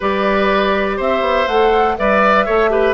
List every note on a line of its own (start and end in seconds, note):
0.00 0.99 G3
0.00 1.48 G4
0.00 0.96 B4
0.00 1.00 D5
0.96 1.21 C4
0.96 1.95 C5
0.96 1.47 E5
1.21 1.45 B3
1.47 1.96 A3
1.47 1.98 A4
1.47 1.96 F#5
1.97 2.47 G3
1.97 2.47 B4
1.97 2.45 D5
1.97 2.94 E5
2.45 2.94 A3
2.45 2.70 A4
2.45 2.70 C#5
2.70 2.94 G4
2.70 2.94 B4